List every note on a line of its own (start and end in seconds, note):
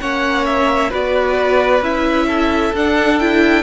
0.00 0.91 A#3
0.00 0.90 C#4
0.00 0.90 C#5
0.00 0.45 F#5
0.45 0.91 E5
0.90 1.80 B3
0.90 1.81 F#4
0.90 2.26 B4
0.90 1.83 D5
1.80 2.71 C#4
1.80 2.73 E4
1.80 2.74 E5
2.27 3.63 A4
2.73 3.63 D4
2.73 3.20 D4
2.73 3.19 F#5
3.19 3.63 E4
3.19 3.63 G5